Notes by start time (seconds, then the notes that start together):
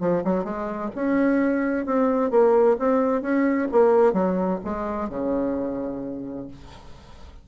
0.00 F3
0.24 F#3
0.44 G#3
0.95 C#4
1.86 C4
2.30 A#3
2.79 C4
3.22 C#4
3.72 A#3
4.13 F#3
4.64 G#3
5.09 C#3